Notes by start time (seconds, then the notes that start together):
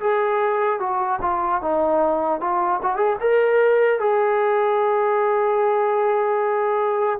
0.00 G#4
0.80 F#4
1.21 F4
1.62 D#4
2.40 F4
2.83 F#4
2.96 G#4
3.20 A#4
3.99 G#4